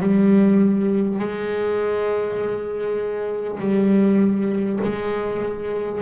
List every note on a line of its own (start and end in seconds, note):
0.00 1.19 G3
1.19 3.59 G#3
3.59 4.79 G3
4.83 6.01 G#3